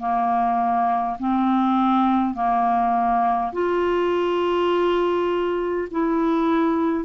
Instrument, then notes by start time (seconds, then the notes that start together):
clarinet
0.00 A#3
1.19 C4
2.35 A#3
3.53 F4
5.91 E4